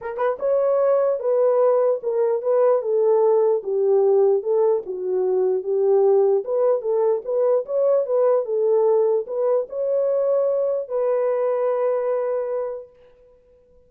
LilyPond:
\new Staff \with { instrumentName = "horn" } { \time 4/4 \tempo 4 = 149 ais'8 b'8 cis''2 b'4~ | b'4 ais'4 b'4 a'4~ | a'4 g'2 a'4 | fis'2 g'2 |
b'4 a'4 b'4 cis''4 | b'4 a'2 b'4 | cis''2. b'4~ | b'1 | }